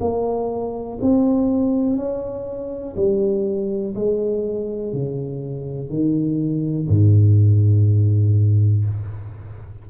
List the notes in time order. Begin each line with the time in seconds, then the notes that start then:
0.00 A#3
1.01 C4
1.96 C#4
2.96 G3
3.95 G#3
4.93 C#3
5.89 D#3
6.88 G#2